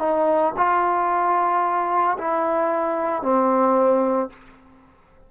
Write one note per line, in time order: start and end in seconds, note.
0.00 0.54 D#4
0.57 2.18 F4
2.18 3.23 E4
3.23 4.30 C4